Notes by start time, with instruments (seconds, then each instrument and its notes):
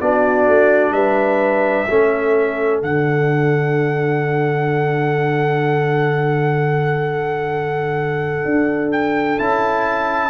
0.00 tuba B3, trombone D4, horn F#4, trumpet D5
0.47 tuba A3
0.91 tuba G3, horn B4, trumpet E5
1.88 tuba A3, trombone C#4, horn A4
2.82 tuba D3, trombone D4, trumpet F#5
8.45 tuba D4
8.92 trumpet G5
9.38 tuba C#4, trombone E4, trumpet A5